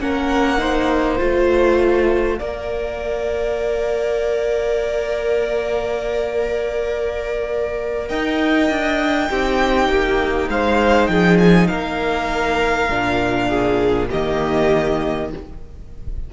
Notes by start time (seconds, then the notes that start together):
0.00 A#3 C#4 A#4 F#5
0.58 D#4 C5
1.19 A3 F4 F5
2.39 A#3 A#4 D5
8.09 D#4 D#5 G5
8.70 D4
9.29 C4 D#4 G4
9.89 A#3
10.49 G#3 C5 F5
11.07 F3 G#4 G5
11.39 G#5
11.68 A#3 A#4 F5
12.89 A#2 D4
13.48 G#4
14.10 D#3 A#3 G4 D#5